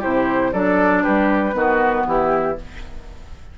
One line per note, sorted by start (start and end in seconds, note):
0.00 0.53 C3
0.00 0.53 E4
0.00 0.51 G4
0.00 0.53 C5
0.53 1.04 F#3
0.53 1.53 D4
0.53 1.03 A4
0.53 1.03 D5
1.03 1.54 G3
1.03 1.55 G4
1.03 2.06 B4
1.53 2.06 D#3
1.53 2.56 B3
1.53 2.07 F#4
2.07 2.58 E3
2.07 2.58 E4
2.07 2.59 G4